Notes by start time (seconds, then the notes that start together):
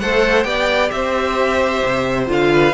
0.00 A3 A4 C5 F#5
0.44 B3 G4 D5 G5
0.91 C4 C5 E5
1.85 C3
2.28 D3 F4 F5
2.52 B4